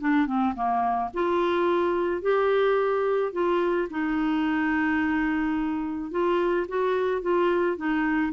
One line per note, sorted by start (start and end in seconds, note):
0.00 0.26 D4
0.26 0.54 C4
0.55 1.10 A#3
1.14 2.21 F4
2.21 3.32 G4
3.32 3.88 F4
3.90 6.10 D#4
6.10 6.66 F4
6.68 7.21 F#4
7.21 7.77 F4
7.77 8.32 D#4